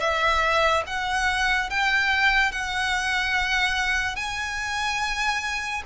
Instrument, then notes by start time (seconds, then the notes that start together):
violin
0.00 E5
0.87 F#5
1.70 G5
2.52 F#5
4.16 G#5